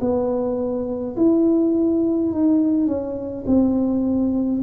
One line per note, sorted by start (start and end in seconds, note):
0.00 1.15 B3
1.16 2.32 E4
2.32 2.87 D#4
2.87 3.45 C#4
3.46 4.62 C4